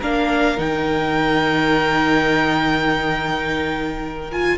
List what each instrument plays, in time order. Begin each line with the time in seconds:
0.00 cello A#3, viola D4, violin A#4 F5
0.57 cello D#3, viola D#4, violin G5
4.32 viola F4, violin G#5